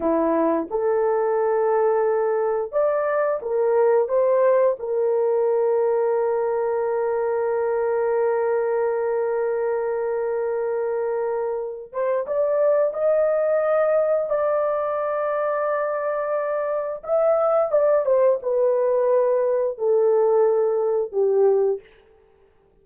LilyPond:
\new Staff \with { instrumentName = "horn" } { \time 4/4 \tempo 4 = 88 e'4 a'2. | d''4 ais'4 c''4 ais'4~ | ais'1~ | ais'1~ |
ais'4. c''8 d''4 dis''4~ | dis''4 d''2.~ | d''4 e''4 d''8 c''8 b'4~ | b'4 a'2 g'4 | }